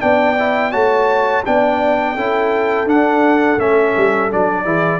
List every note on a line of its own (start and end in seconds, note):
0.00 0.74 B3
0.00 0.36 D4
0.00 0.72 D5
0.00 0.72 G5
0.39 0.72 E4
0.72 1.45 A3
0.72 1.43 F#4
0.72 1.43 C#5
0.72 1.43 A5
1.45 2.16 B3
1.45 2.17 D4
1.45 2.16 D5
1.45 2.88 G5
2.16 2.86 C#4
2.16 2.86 E4
2.16 4.65 A4
2.86 3.57 D4
2.86 3.58 D4
2.86 3.59 F#5
3.58 3.93 A3
3.58 4.30 C#4
3.58 4.31 E5
3.97 4.32 G3
4.30 4.64 F#3
4.30 4.64 D4
4.30 5.00 D5
4.64 5.00 E3
4.64 5.00 E4
4.64 5.00 G#4